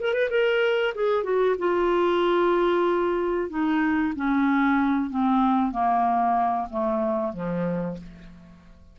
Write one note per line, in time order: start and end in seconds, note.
0.00 0.14 A#4
0.14 0.30 B4
0.30 0.94 A#4
0.95 1.24 G#4
1.24 1.56 F#4
1.58 3.50 F4
3.50 4.14 D#4
4.16 5.10 C#4
5.10 5.72 C4
5.72 6.68 A#3
6.70 7.33 A3
7.33 7.97 F3